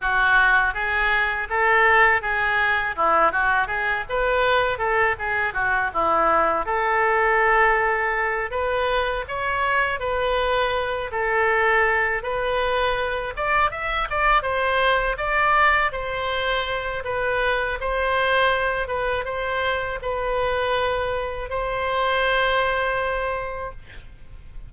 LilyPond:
\new Staff \with { instrumentName = "oboe" } { \time 4/4 \tempo 4 = 81 fis'4 gis'4 a'4 gis'4 | e'8 fis'8 gis'8 b'4 a'8 gis'8 fis'8 | e'4 a'2~ a'8 b'8~ | b'8 cis''4 b'4. a'4~ |
a'8 b'4. d''8 e''8 d''8 c''8~ | c''8 d''4 c''4. b'4 | c''4. b'8 c''4 b'4~ | b'4 c''2. | }